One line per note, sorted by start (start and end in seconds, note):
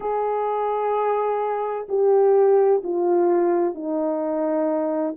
0.00 1.87 G#4
1.88 2.82 G4
2.83 3.74 F4
3.74 5.15 D#4